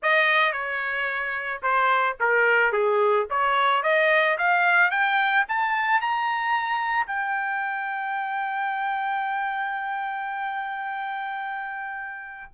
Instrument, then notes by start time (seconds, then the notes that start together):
trumpet
0.02 D#5
0.52 C#5
1.62 C5
2.20 A#4
2.72 G#4
3.30 C#5
3.83 D#5
4.38 F5
4.90 G5
5.48 A5
6.01 A#5
7.06 G5